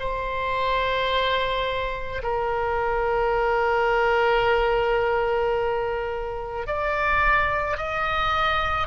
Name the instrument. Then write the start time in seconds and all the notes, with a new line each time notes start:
oboe
0.00 C5
2.23 A#4
6.67 D5
7.77 D#5